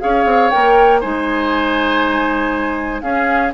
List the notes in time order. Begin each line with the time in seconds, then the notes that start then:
0.00 C#4 G#4 C#5 F5
0.25 C4
0.50 A#3 A#4 G5
1.00 G#3 D#4 C5 G#5
3.01 C#4 G#4 F5